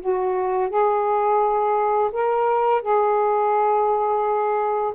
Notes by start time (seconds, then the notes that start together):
0.00 F#4
0.70 G#4
2.12 A#4
2.82 G#4